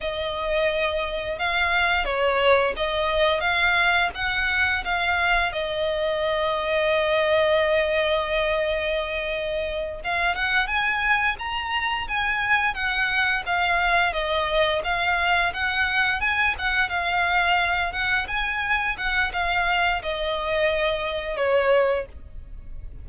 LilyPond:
\new Staff \with { instrumentName = "violin" } { \time 4/4 \tempo 4 = 87 dis''2 f''4 cis''4 | dis''4 f''4 fis''4 f''4 | dis''1~ | dis''2~ dis''8 f''8 fis''8 gis''8~ |
gis''8 ais''4 gis''4 fis''4 f''8~ | f''8 dis''4 f''4 fis''4 gis''8 | fis''8 f''4. fis''8 gis''4 fis''8 | f''4 dis''2 cis''4 | }